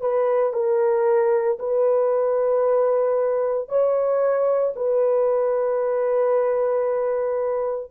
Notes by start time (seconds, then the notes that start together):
0.00 B4
0.53 A#4
1.59 B4
3.68 C#5
4.75 B4